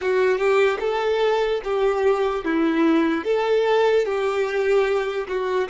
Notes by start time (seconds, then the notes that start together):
0.01 F#4
0.38 G4
0.80 A4
1.64 G4
2.44 E4
3.24 A4
4.05 G4
5.27 F#4